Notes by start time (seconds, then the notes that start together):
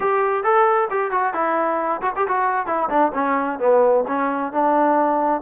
0.00 G4
0.43 A4
0.90 G4
1.11 F#4
1.33 E4
2.01 F#4
2.16 G4
2.28 F#4
2.66 E4
2.89 D4
3.14 C#4
3.59 B3
4.07 C#4
4.52 D4